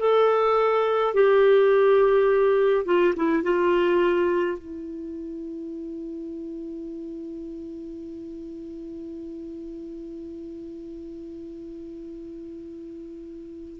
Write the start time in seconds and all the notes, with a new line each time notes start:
0.00 A4
1.14 G4
2.86 F4
3.16 E4
3.44 F4
4.59 E4